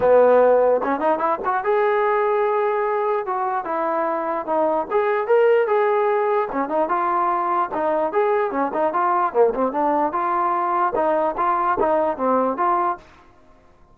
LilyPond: \new Staff \with { instrumentName = "trombone" } { \time 4/4 \tempo 4 = 148 b2 cis'8 dis'8 e'8 fis'8 | gis'1 | fis'4 e'2 dis'4 | gis'4 ais'4 gis'2 |
cis'8 dis'8 f'2 dis'4 | gis'4 cis'8 dis'8 f'4 ais8 c'8 | d'4 f'2 dis'4 | f'4 dis'4 c'4 f'4 | }